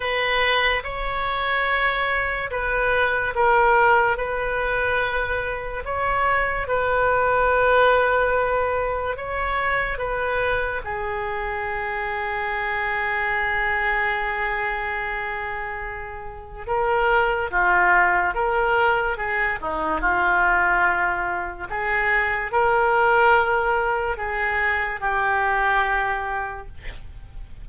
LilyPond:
\new Staff \with { instrumentName = "oboe" } { \time 4/4 \tempo 4 = 72 b'4 cis''2 b'4 | ais'4 b'2 cis''4 | b'2. cis''4 | b'4 gis'2.~ |
gis'1 | ais'4 f'4 ais'4 gis'8 dis'8 | f'2 gis'4 ais'4~ | ais'4 gis'4 g'2 | }